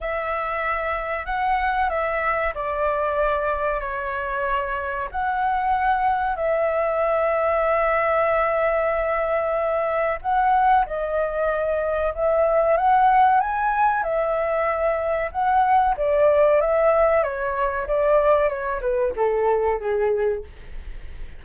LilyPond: \new Staff \with { instrumentName = "flute" } { \time 4/4 \tempo 4 = 94 e''2 fis''4 e''4 | d''2 cis''2 | fis''2 e''2~ | e''1 |
fis''4 dis''2 e''4 | fis''4 gis''4 e''2 | fis''4 d''4 e''4 cis''4 | d''4 cis''8 b'8 a'4 gis'4 | }